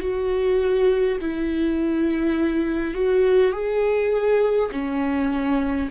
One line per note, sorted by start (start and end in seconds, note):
0.00 1.18 F#4
1.20 2.94 E4
2.94 3.52 F#4
3.52 4.70 G#4
4.71 5.89 C#4